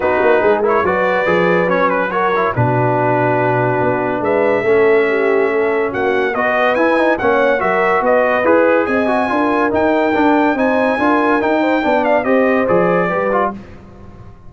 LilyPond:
<<
  \new Staff \with { instrumentName = "trumpet" } { \time 4/4 \tempo 4 = 142 b'4. cis''8 d''2 | cis''8 b'8 cis''4 b'2~ | b'2 e''2~ | e''2 fis''4 dis''4 |
gis''4 fis''4 e''4 dis''4 | b'4 gis''2 g''4~ | g''4 gis''2 g''4~ | g''8 f''8 dis''4 d''2 | }
  \new Staff \with { instrumentName = "horn" } { \time 4/4 fis'4 gis'8 ais'8 b'2~ | b'4 ais'4 fis'2~ | fis'2 b'4 a'4 | g'4 a'4 fis'4 b'4~ |
b'4 cis''4 ais'4 b'4~ | b'4 dis''4 ais'2~ | ais'4 c''4 ais'4. c''8 | d''4 c''2 b'4 | }
  \new Staff \with { instrumentName = "trombone" } { \time 4/4 dis'4. e'8 fis'4 gis'4 | cis'4 fis'8 e'8 d'2~ | d'2. cis'4~ | cis'2. fis'4 |
e'8 dis'8 cis'4 fis'2 | gis'4. fis'8 f'4 dis'4 | d'4 dis'4 f'4 dis'4 | d'4 g'4 gis'4 g'8 f'8 | }
  \new Staff \with { instrumentName = "tuba" } { \time 4/4 b8 ais8 gis4 fis4 f4 | fis2 b,2~ | b,4 b4 gis4 a4~ | a2 ais4 b4 |
e'4 ais4 fis4 b4 | e'4 c'4 d'4 dis'4 | d'4 c'4 d'4 dis'4 | b4 c'4 f4 g4 | }
>>